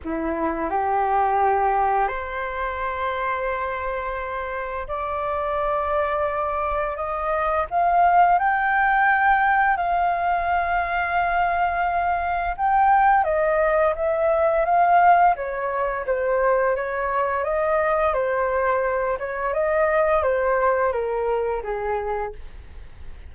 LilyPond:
\new Staff \with { instrumentName = "flute" } { \time 4/4 \tempo 4 = 86 e'4 g'2 c''4~ | c''2. d''4~ | d''2 dis''4 f''4 | g''2 f''2~ |
f''2 g''4 dis''4 | e''4 f''4 cis''4 c''4 | cis''4 dis''4 c''4. cis''8 | dis''4 c''4 ais'4 gis'4 | }